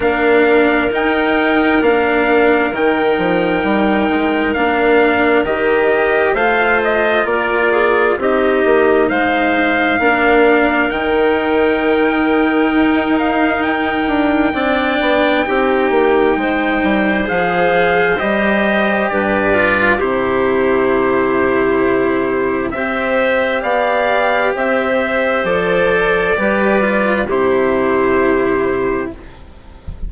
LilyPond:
<<
  \new Staff \with { instrumentName = "trumpet" } { \time 4/4 \tempo 4 = 66 f''4 g''4 f''4 g''4~ | g''4 f''4 dis''4 f''8 dis''8 | d''4 dis''4 f''2 | g''2~ g''8 f''8 g''4~ |
g''2. f''4 | dis''4 d''4 c''2~ | c''4 e''4 f''4 e''4 | d''2 c''2 | }
  \new Staff \with { instrumentName = "clarinet" } { \time 4/4 ais'1~ | ais'2. c''4 | ais'8 gis'8 g'4 c''4 ais'4~ | ais'1 |
d''4 g'4 c''2~ | c''4 b'4 g'2~ | g'4 c''4 d''4 c''4~ | c''4 b'4 g'2 | }
  \new Staff \with { instrumentName = "cello" } { \time 4/4 d'4 dis'4 d'4 dis'4~ | dis'4 d'4 g'4 f'4~ | f'4 dis'2 d'4 | dis'1 |
d'4 dis'2 gis'4 | g'4. f'8 e'2~ | e'4 g'2. | a'4 g'8 f'8 e'2 | }
  \new Staff \with { instrumentName = "bassoon" } { \time 4/4 ais4 dis'4 ais4 dis8 f8 | g8 gis8 ais4 dis4 a4 | ais4 c'8 ais8 gis4 ais4 | dis2 dis'4. d'8 |
c'8 b8 c'8 ais8 gis8 g8 f4 | g4 g,4 c2~ | c4 c'4 b4 c'4 | f4 g4 c2 | }
>>